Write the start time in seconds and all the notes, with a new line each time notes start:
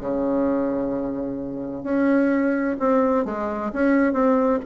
0.00 C#3
1.84 C#4
2.79 C4
3.25 G#3
3.73 C#4
4.13 C4